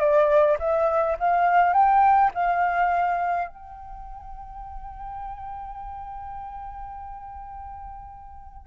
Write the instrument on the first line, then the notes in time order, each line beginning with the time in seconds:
flute
0.00 D5
0.60 E5
1.20 F5
1.74 G5
2.35 F5
3.49 G5